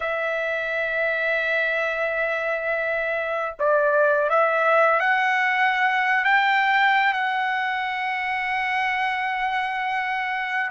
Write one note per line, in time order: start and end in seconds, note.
0.00 3.55 E5
3.59 4.29 D5
4.29 5.00 E5
5.00 6.24 F#5
6.24 7.13 G5
7.13 10.70 F#5